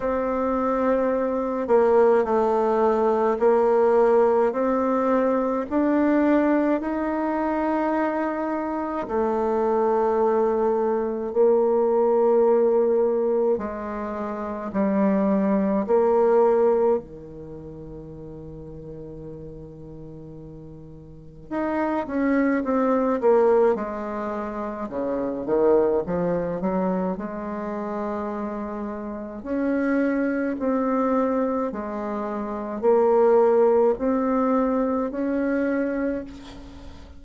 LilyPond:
\new Staff \with { instrumentName = "bassoon" } { \time 4/4 \tempo 4 = 53 c'4. ais8 a4 ais4 | c'4 d'4 dis'2 | a2 ais2 | gis4 g4 ais4 dis4~ |
dis2. dis'8 cis'8 | c'8 ais8 gis4 cis8 dis8 f8 fis8 | gis2 cis'4 c'4 | gis4 ais4 c'4 cis'4 | }